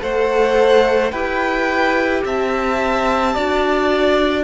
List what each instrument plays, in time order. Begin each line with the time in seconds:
0.00 cello A3, viola A4, violin C5 F#5
1.11 cello E4, viola G4, violin B4 G5
2.25 cello C4, violin E5 A5
3.35 cello D4, viola F#4, violin D5